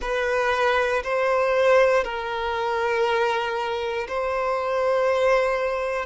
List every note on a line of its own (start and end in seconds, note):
0.00 1.02 B4
1.03 2.03 C5
2.03 4.07 A#4
4.08 6.05 C5